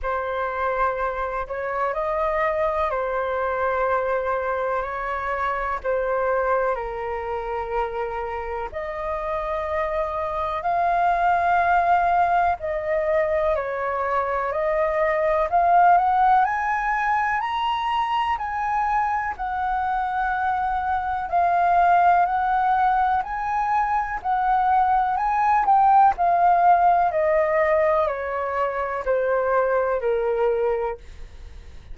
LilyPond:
\new Staff \with { instrumentName = "flute" } { \time 4/4 \tempo 4 = 62 c''4. cis''8 dis''4 c''4~ | c''4 cis''4 c''4 ais'4~ | ais'4 dis''2 f''4~ | f''4 dis''4 cis''4 dis''4 |
f''8 fis''8 gis''4 ais''4 gis''4 | fis''2 f''4 fis''4 | gis''4 fis''4 gis''8 g''8 f''4 | dis''4 cis''4 c''4 ais'4 | }